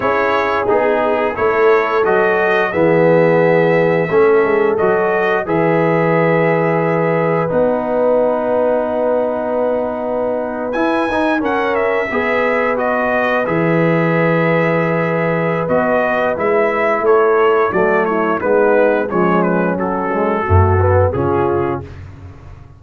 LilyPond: <<
  \new Staff \with { instrumentName = "trumpet" } { \time 4/4 \tempo 4 = 88 cis''4 gis'4 cis''4 dis''4 | e''2. dis''4 | e''2. fis''4~ | fis''2.~ fis''8. gis''16~ |
gis''8. fis''8 e''4. dis''4 e''16~ | e''2. dis''4 | e''4 cis''4 d''8 cis''8 b'4 | cis''8 b'8 a'2 gis'4 | }
  \new Staff \with { instrumentName = "horn" } { \time 4/4 gis'2 a'2 | gis'2 a'2 | b'1~ | b'1~ |
b'8. ais'4 b'2~ b'16~ | b'1~ | b'4 a'4 fis'8 e'8 dis'4 | cis'2 fis'4 f'4 | }
  \new Staff \with { instrumentName = "trombone" } { \time 4/4 e'4 dis'4 e'4 fis'4 | b2 cis'4 fis'4 | gis'2. dis'4~ | dis'2.~ dis'8. e'16~ |
e'16 dis'8 cis'4 gis'4 fis'4 gis'16~ | gis'2. fis'4 | e'2 a4 b4 | gis4 fis8 gis8 a8 b8 cis'4 | }
  \new Staff \with { instrumentName = "tuba" } { \time 4/4 cis'4 b4 a4 fis4 | e2 a8 gis8 fis4 | e2. b4~ | b2.~ b8. e'16~ |
e'16 dis'8 cis'4 b2 e16~ | e2. b4 | gis4 a4 fis4 gis4 | f4 fis4 fis,4 cis4 | }
>>